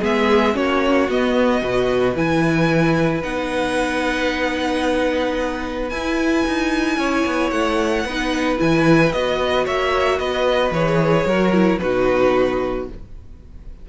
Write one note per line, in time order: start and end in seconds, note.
0.00 0.56 G#3
0.00 0.53 B3
0.00 0.54 G#4
0.00 0.56 E5
0.53 1.08 A#3
0.53 1.07 C#4
0.53 1.62 F#4
0.53 1.10 C#5
1.08 1.61 B3
1.08 2.16 D#5
1.61 2.15 B2
1.61 2.14 F#4
1.61 6.99 B4
2.15 3.22 E3
2.15 3.22 E4
2.15 3.22 G#5
3.22 5.91 B3
3.22 5.90 D#4
3.22 5.89 F#5
5.89 6.44 E4
5.89 8.06 E4
5.89 7.50 G#5
6.47 6.97 D#4
6.97 7.24 C#4
6.97 8.06 C#5
7.25 7.51 B3
7.50 8.04 A3
7.50 8.57 F#5
8.04 8.58 B3
8.04 8.58 D#4
8.04 9.64 B4
8.58 9.13 E3
8.58 9.11 E4
8.58 9.12 G#5
9.12 9.66 B3
9.12 10.74 F#4
9.12 9.66 D#5
9.64 10.19 A#3
9.64 10.18 C#5
9.64 10.19 E5
10.19 10.71 B3
10.19 11.26 B4
10.19 10.72 D#5
10.71 11.24 E3
10.71 11.28 G#4
10.71 11.78 C#5
11.25 11.79 F#3
11.25 11.53 F#4
11.25 11.80 A#4
11.53 11.80 E4
11.78 12.88 B2
11.78 12.88 D#4
11.78 12.89 F#4
11.78 12.85 B4